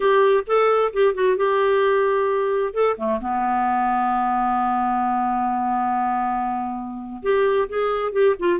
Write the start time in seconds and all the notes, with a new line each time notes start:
0.00 G4
0.46 A4
0.93 G4
1.14 F#4
1.37 G4
2.73 A4
2.97 A3
3.20 B3
7.22 G4
7.68 G#4
8.12 G4
8.39 F4